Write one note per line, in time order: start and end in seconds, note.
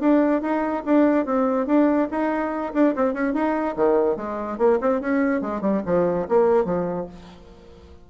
0.00 0.42 D4
0.42 0.83 D#4
0.85 1.26 D4
1.26 1.66 C4
1.66 2.08 D4
2.11 2.73 D#4
2.73 2.94 D4
2.96 3.13 C4
3.13 3.34 C#4
3.34 3.75 D#4
3.76 4.16 D#3
4.16 4.58 G#3
4.58 4.79 A#3
4.81 5.01 C4
5.01 5.41 C#4
5.41 5.61 G#3
5.61 5.82 G3
5.85 6.27 F3
6.28 6.65 A#3
6.65 7.06 F3